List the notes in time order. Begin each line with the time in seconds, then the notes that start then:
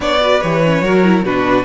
0.00 B3 D4 C#5 D5
0.20 F#4 B4
0.41 E3 G4 C#5
0.65 C#4
0.81 F#3 F#4 A#4
1.04 E4
1.22 B2 D4 F#4 B4